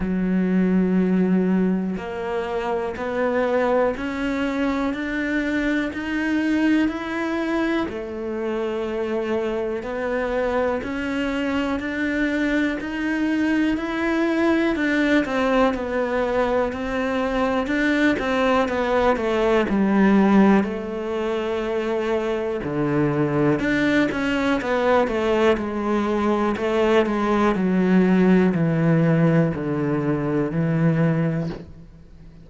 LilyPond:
\new Staff \with { instrumentName = "cello" } { \time 4/4 \tempo 4 = 61 fis2 ais4 b4 | cis'4 d'4 dis'4 e'4 | a2 b4 cis'4 | d'4 dis'4 e'4 d'8 c'8 |
b4 c'4 d'8 c'8 b8 a8 | g4 a2 d4 | d'8 cis'8 b8 a8 gis4 a8 gis8 | fis4 e4 d4 e4 | }